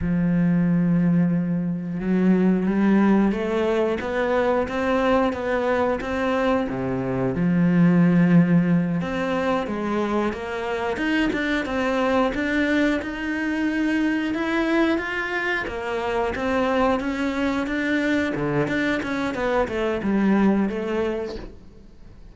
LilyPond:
\new Staff \with { instrumentName = "cello" } { \time 4/4 \tempo 4 = 90 f2. fis4 | g4 a4 b4 c'4 | b4 c'4 c4 f4~ | f4. c'4 gis4 ais8~ |
ais8 dis'8 d'8 c'4 d'4 dis'8~ | dis'4. e'4 f'4 ais8~ | ais8 c'4 cis'4 d'4 d8 | d'8 cis'8 b8 a8 g4 a4 | }